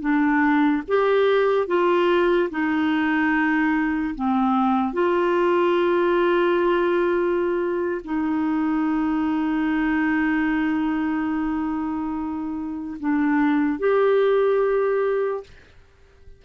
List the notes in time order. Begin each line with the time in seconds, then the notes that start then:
0.00 D4
0.88 G4
1.67 F4
2.50 D#4
4.15 C4
4.93 F4
8.04 D#4
12.99 D4
13.79 G4